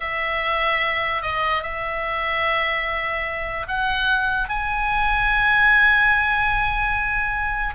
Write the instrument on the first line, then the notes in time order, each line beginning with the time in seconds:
oboe
0.00 E5
1.22 D#5
1.63 E5
3.67 F#5
4.48 G#5